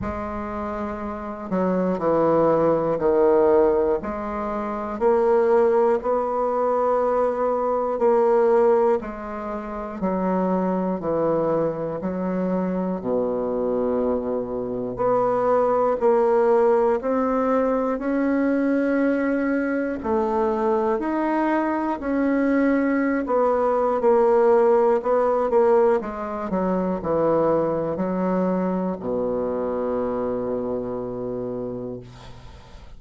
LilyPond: \new Staff \with { instrumentName = "bassoon" } { \time 4/4 \tempo 4 = 60 gis4. fis8 e4 dis4 | gis4 ais4 b2 | ais4 gis4 fis4 e4 | fis4 b,2 b4 |
ais4 c'4 cis'2 | a4 dis'4 cis'4~ cis'16 b8. | ais4 b8 ais8 gis8 fis8 e4 | fis4 b,2. | }